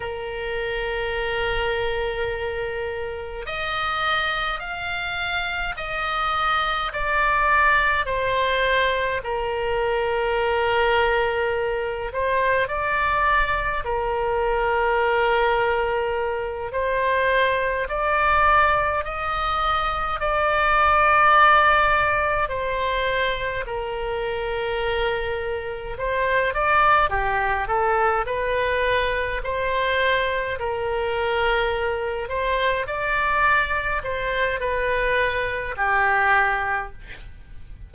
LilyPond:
\new Staff \with { instrumentName = "oboe" } { \time 4/4 \tempo 4 = 52 ais'2. dis''4 | f''4 dis''4 d''4 c''4 | ais'2~ ais'8 c''8 d''4 | ais'2~ ais'8 c''4 d''8~ |
d''8 dis''4 d''2 c''8~ | c''8 ais'2 c''8 d''8 g'8 | a'8 b'4 c''4 ais'4. | c''8 d''4 c''8 b'4 g'4 | }